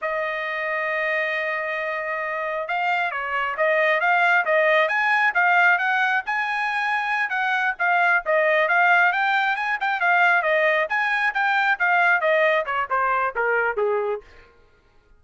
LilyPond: \new Staff \with { instrumentName = "trumpet" } { \time 4/4 \tempo 4 = 135 dis''1~ | dis''2 f''4 cis''4 | dis''4 f''4 dis''4 gis''4 | f''4 fis''4 gis''2~ |
gis''8 fis''4 f''4 dis''4 f''8~ | f''8 g''4 gis''8 g''8 f''4 dis''8~ | dis''8 gis''4 g''4 f''4 dis''8~ | dis''8 cis''8 c''4 ais'4 gis'4 | }